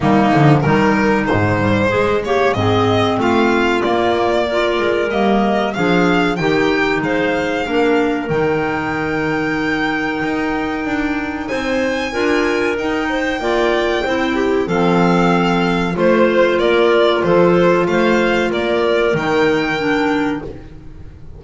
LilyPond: <<
  \new Staff \with { instrumentName = "violin" } { \time 4/4 \tempo 4 = 94 dis'4 ais'4 c''4. cis''8 | dis''4 f''4 d''2 | dis''4 f''4 g''4 f''4~ | f''4 g''2.~ |
g''2 gis''2 | g''2. f''4~ | f''4 c''4 d''4 c''4 | f''4 d''4 g''2 | }
  \new Staff \with { instrumentName = "clarinet" } { \time 4/4 ais4 dis'2 gis'8 g'8 | gis'4 f'2 ais'4~ | ais'4 gis'4 g'4 c''4 | ais'1~ |
ais'2 c''4 ais'4~ | ais'8 c''8 d''4 c''8 g'8 a'4~ | a'4 c''4 ais'4 a'4 | c''4 ais'2. | }
  \new Staff \with { instrumentName = "clarinet" } { \time 4/4 g8 f8 g4 gis8 g8 gis8 ais8 | c'2 ais4 f'4 | ais4 d'4 dis'2 | d'4 dis'2.~ |
dis'2. f'4 | dis'4 f'4 e'4 c'4~ | c'4 f'2.~ | f'2 dis'4 d'4 | }
  \new Staff \with { instrumentName = "double bass" } { \time 4/4 dis8 d8 dis4 gis,4 gis4 | gis,4 a4 ais4. gis8 | g4 f4 dis4 gis4 | ais4 dis2. |
dis'4 d'4 c'4 d'4 | dis'4 ais4 c'4 f4~ | f4 a4 ais4 f4 | a4 ais4 dis2 | }
>>